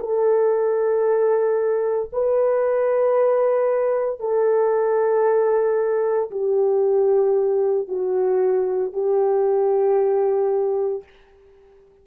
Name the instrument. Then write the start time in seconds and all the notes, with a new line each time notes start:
horn
0.00 A4
2.13 B4
4.20 A4
6.32 G4
7.89 F#4
8.93 G4